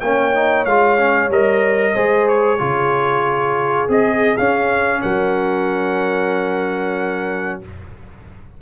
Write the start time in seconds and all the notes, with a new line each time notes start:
0.00 A#3 C#4 C#5 G5
0.34 D#4
0.65 G#3 F4 F5
0.97 C#4
1.28 G3 A#4 D#5
1.93 G#3 G#4 C5
2.28 C#5
2.58 C#3 F4 G#4
3.88 C4 G#4 D#5
4.37 C#4 F5
5.01 F#3 A#4 F#5